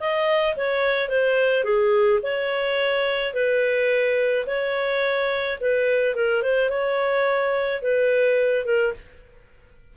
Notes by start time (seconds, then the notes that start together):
0.00 D#5
0.56 C#5
1.09 C5
1.64 G#4
2.23 C#5
3.34 B4
4.47 C#5
5.60 B4
6.16 A#4
6.43 C5
6.70 C#5
7.82 B4
8.65 A#4